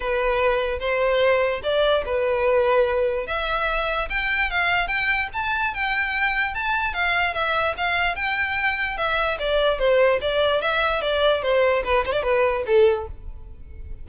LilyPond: \new Staff \with { instrumentName = "violin" } { \time 4/4 \tempo 4 = 147 b'2 c''2 | d''4 b'2. | e''2 g''4 f''4 | g''4 a''4 g''2 |
a''4 f''4 e''4 f''4 | g''2 e''4 d''4 | c''4 d''4 e''4 d''4 | c''4 b'8 c''16 d''16 b'4 a'4 | }